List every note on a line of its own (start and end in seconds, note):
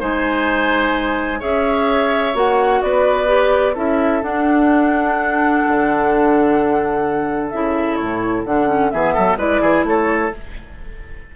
0.00 1.43 G#3
0.00 1.40 D#4
0.00 1.40 C5
0.00 1.42 G#5
1.40 2.35 C#4
1.40 2.34 G#4
1.40 2.81 C#5
1.40 2.36 E5
2.34 2.82 A#3
2.34 3.27 F#4
2.34 2.82 F#5
2.82 3.76 B3
2.82 3.75 B4
2.82 3.76 D5
3.27 3.74 G4
3.75 4.23 C#4
3.75 4.23 E4
3.75 8.90 A4
3.75 4.23 E5
4.23 5.64 D4
4.23 7.51 D4
4.23 7.50 F#5
5.68 7.53 D3
7.50 8.00 C#3
7.50 8.47 E4
7.50 7.96 E5
7.96 8.45 A2
7.96 8.43 C#5
8.45 8.92 D3
8.45 8.68 D4
8.45 8.91 F#5
8.68 8.91 C#4
8.91 9.17 E3
8.91 9.38 B3
8.91 9.14 G#4
8.91 9.38 E5
9.14 9.37 F#3
9.14 9.38 A4
9.37 9.60 G#3
9.37 10.32 E4
9.37 9.62 B4
9.37 9.86 D5
9.61 9.84 E3
9.61 9.85 G#4
9.84 10.31 A3
9.84 10.36 A4
9.84 10.35 C#5